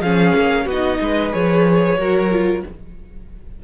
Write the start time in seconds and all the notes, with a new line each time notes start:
0.00 F3 C#4 G#4 F5
0.34 A#3
0.65 B3 F#4 D#5
0.72 D#4
1.00 G#3 B4
1.31 F3 G#4 C#5
1.97 F#3 F#4 A#4
2.31 F4